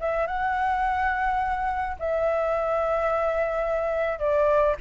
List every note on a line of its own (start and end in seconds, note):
0.00 0.27 E5
0.27 1.97 F#5
1.99 4.19 E5
4.19 4.75 D5